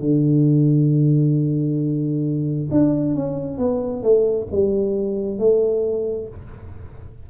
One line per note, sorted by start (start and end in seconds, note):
0.00 2.69 D3
2.71 3.15 D4
3.15 3.58 C#4
3.58 4.03 B3
4.03 4.47 A3
4.51 5.39 G3
5.39 6.28 A3